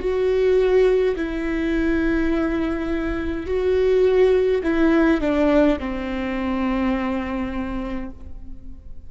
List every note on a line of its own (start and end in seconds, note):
0.00 1.15 F#4
1.16 3.46 E4
3.46 4.62 F#4
4.63 5.21 E4
5.21 5.78 D4
5.80 8.10 C4